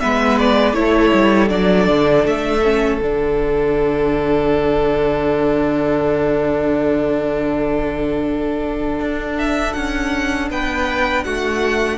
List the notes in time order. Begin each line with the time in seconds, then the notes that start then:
0.00 G#3 B3 B4 E5
0.39 D5
0.73 A3 E4 A4 C#5
1.13 G3
1.48 F#3 D4 D5
1.88 D3
2.25 A3 E5
2.63 C#4
3.01 D3 D4 F#5
9.00 D4
9.38 E5
9.73 C#4 F#5
10.50 B3 B4 G5
11.24 A3 F#4 F#5